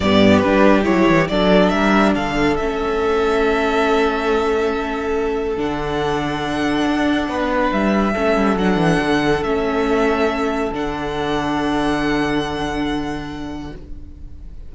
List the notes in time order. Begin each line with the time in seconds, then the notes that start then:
0.00 G2 B3 G4 D5
0.38 G3 D4 B4
0.83 F#3 E4 C#5
1.07 E3
1.27 F#3 D4 A4 D5
1.69 G3 A#4 E5
2.14 D3 A4 F5
2.56 A3 C#4 E5
5.57 D3 D4 F#5
6.86 D4
7.28 B3 B4
7.72 G3 E5
8.13 A3 C#4 A4
8.36 G3
8.56 F#3 D4 F#5
8.76 E3
9.00 D3
9.42 A3 C#4 E5
10.72 D3 D4 F#5